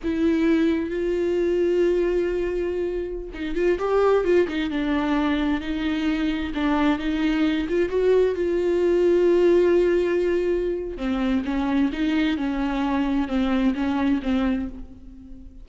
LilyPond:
\new Staff \with { instrumentName = "viola" } { \time 4/4 \tempo 4 = 131 e'2 f'2~ | f'2.~ f'16 dis'8 f'16~ | f'16 g'4 f'8 dis'8 d'4.~ d'16~ | d'16 dis'2 d'4 dis'8.~ |
dis'8. f'8 fis'4 f'4.~ f'16~ | f'1 | c'4 cis'4 dis'4 cis'4~ | cis'4 c'4 cis'4 c'4 | }